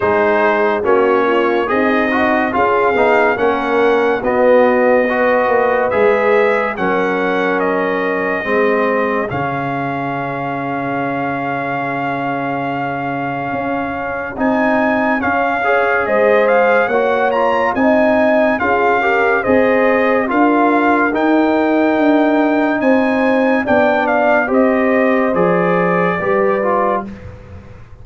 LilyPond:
<<
  \new Staff \with { instrumentName = "trumpet" } { \time 4/4 \tempo 4 = 71 c''4 cis''4 dis''4 f''4 | fis''4 dis''2 e''4 | fis''4 dis''2 f''4~ | f''1~ |
f''4 gis''4 f''4 dis''8 f''8 | fis''8 ais''8 gis''4 f''4 dis''4 | f''4 g''2 gis''4 | g''8 f''8 dis''4 d''2 | }
  \new Staff \with { instrumentName = "horn" } { \time 4/4 gis'4 fis'8 f'8 dis'4 gis'4 | ais'4 fis'4 b'2 | ais'2 gis'2~ | gis'1~ |
gis'2~ gis'8 cis''8 c''4 | cis''4 dis''4 gis'8 ais'8 c''4 | ais'2. c''4 | d''4 c''2 b'4 | }
  \new Staff \with { instrumentName = "trombone" } { \time 4/4 dis'4 cis'4 gis'8 fis'8 f'8 dis'8 | cis'4 b4 fis'4 gis'4 | cis'2 c'4 cis'4~ | cis'1~ |
cis'4 dis'4 cis'8 gis'4. | fis'8 f'8 dis'4 f'8 g'8 gis'4 | f'4 dis'2. | d'4 g'4 gis'4 g'8 f'8 | }
  \new Staff \with { instrumentName = "tuba" } { \time 4/4 gis4 ais4 c'4 cis'8 b8 | ais4 b4. ais8 gis4 | fis2 gis4 cis4~ | cis1 |
cis'4 c'4 cis'4 gis4 | ais4 c'4 cis'4 c'4 | d'4 dis'4 d'4 c'4 | b4 c'4 f4 g4 | }
>>